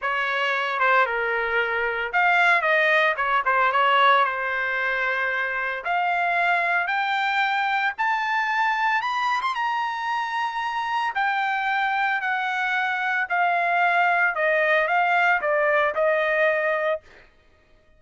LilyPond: \new Staff \with { instrumentName = "trumpet" } { \time 4/4 \tempo 4 = 113 cis''4. c''8 ais'2 | f''4 dis''4 cis''8 c''8 cis''4 | c''2. f''4~ | f''4 g''2 a''4~ |
a''4 b''8. c'''16 ais''2~ | ais''4 g''2 fis''4~ | fis''4 f''2 dis''4 | f''4 d''4 dis''2 | }